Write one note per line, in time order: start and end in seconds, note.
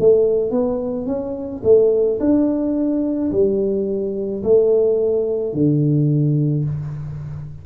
0.00 0.51 A3
0.51 1.07 B3
1.07 1.62 C#4
1.64 2.20 A3
2.20 3.31 D4
3.32 4.43 G3
4.43 5.54 A3
5.54 6.65 D3